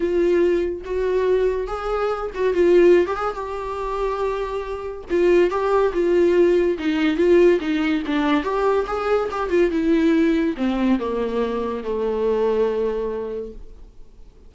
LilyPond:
\new Staff \with { instrumentName = "viola" } { \time 4/4 \tempo 4 = 142 f'2 fis'2 | gis'4. fis'8 f'4~ f'16 g'16 gis'8 | g'1 | f'4 g'4 f'2 |
dis'4 f'4 dis'4 d'4 | g'4 gis'4 g'8 f'8 e'4~ | e'4 c'4 ais2 | a1 | }